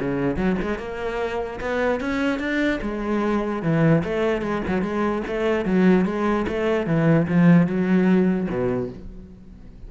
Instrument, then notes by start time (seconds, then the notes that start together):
cello
0.00 C#3
0.36 F#3
0.62 G#3
0.79 A#3
1.60 B3
2.00 C#4
2.39 D4
2.82 G#3
3.62 E3
4.04 A3
4.42 G#3
4.67 F#3
4.82 G#3
5.27 A3
5.65 F#3
6.05 G#3
6.48 A3
6.86 E3
7.28 F3
7.67 F#3
8.49 B2